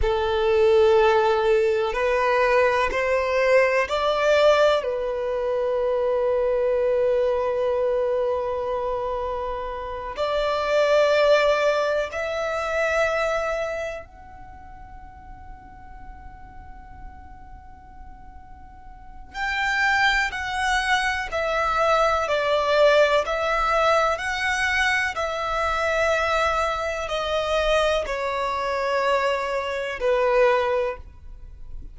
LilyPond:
\new Staff \with { instrumentName = "violin" } { \time 4/4 \tempo 4 = 62 a'2 b'4 c''4 | d''4 b'2.~ | b'2~ b'8 d''4.~ | d''8 e''2 fis''4.~ |
fis''1 | g''4 fis''4 e''4 d''4 | e''4 fis''4 e''2 | dis''4 cis''2 b'4 | }